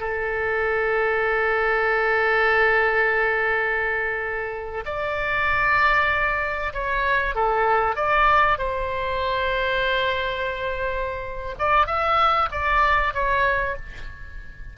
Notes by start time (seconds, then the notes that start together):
0.00 A4
4.86 D5
6.74 C#5
7.35 A4
7.96 D5
8.58 C5
11.59 D5
11.87 E5
12.52 D5
13.14 C#5